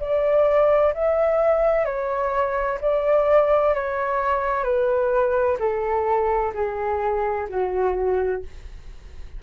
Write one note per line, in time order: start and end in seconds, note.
0.00 0.94 D5
0.94 1.85 E5
1.85 2.79 C#5
2.81 3.75 D5
3.75 4.64 C#5
4.64 5.58 B4
5.60 6.53 A4
6.54 7.48 G#4
7.49 8.43 F#4